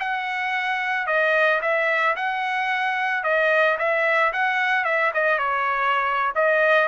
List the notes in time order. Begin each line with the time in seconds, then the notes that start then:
0.00 F#5
1.07 D#5
1.62 E5
2.16 F#5
3.24 D#5
3.79 E5
4.33 F#5
4.85 E5
5.14 D#5
5.39 C#5
6.36 D#5